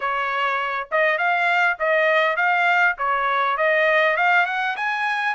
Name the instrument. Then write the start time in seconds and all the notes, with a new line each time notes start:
trumpet
0.00 C#5
0.91 D#5
1.17 F5
1.79 D#5
2.36 F5
2.97 C#5
3.57 D#5
4.17 F5
4.46 F#5
4.76 G#5